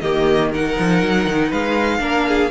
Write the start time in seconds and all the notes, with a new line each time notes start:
0.00 D#3 A#3 G4 D#5
0.51 D#4 A#4 F#5
0.78 F3
1.02 F#3
1.27 D#3
1.48 G#3 B4 F5
1.99 A#3 D4 A#4
2.27 G#4